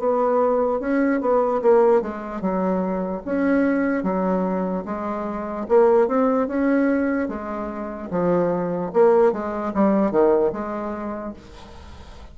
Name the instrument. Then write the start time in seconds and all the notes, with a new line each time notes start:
bassoon
0.00 B3
0.81 C#4
1.21 B3
1.63 A#3
2.02 G#3
2.41 F#3
3.26 C#4
4.04 F#3
4.86 G#3
5.69 A#3
6.08 C4
6.48 C#4
7.29 G#3
8.11 F3
8.94 A#3
9.33 G#3
9.74 G3
10.12 D#3
10.53 G#3